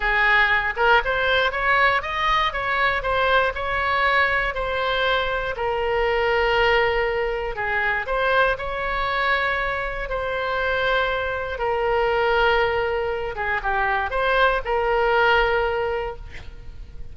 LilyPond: \new Staff \with { instrumentName = "oboe" } { \time 4/4 \tempo 4 = 119 gis'4. ais'8 c''4 cis''4 | dis''4 cis''4 c''4 cis''4~ | cis''4 c''2 ais'4~ | ais'2. gis'4 |
c''4 cis''2. | c''2. ais'4~ | ais'2~ ais'8 gis'8 g'4 | c''4 ais'2. | }